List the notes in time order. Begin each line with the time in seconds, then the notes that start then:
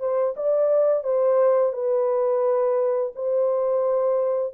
0.00 C5
0.37 D5
1.04 C5
1.73 B4
3.16 C5